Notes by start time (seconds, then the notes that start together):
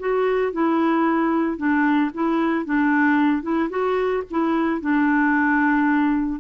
0.00 F#4
0.53 E4
1.58 D4
2.14 E4
2.66 D4
3.43 E4
3.70 F#4
4.31 E4
4.81 D4